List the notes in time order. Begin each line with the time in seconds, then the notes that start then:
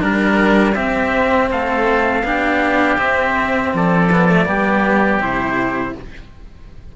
0.00 G3 D4 A#4
0.75 C4 G4 E5
1.51 A3 A4 F5
2.23 B3 D4 G4
2.98 C4 E5
3.74 F3 A4 D5
4.12 B3
4.29 A3
4.46 G3 B3 G4
5.18 C3 E4 C5